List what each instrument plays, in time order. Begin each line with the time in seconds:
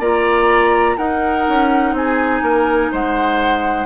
0.00 bassoon A#3, clarinet F4, oboe D5, flute A#5
0.97 bassoon D#4, clarinet D#4, oboe A#4, flute F#5
1.49 bassoon C#4
1.93 bassoon C4, oboe G#4, flute G#5
2.42 bassoon A#3, oboe A#4
2.92 bassoon G#3, oboe C5, flute F#5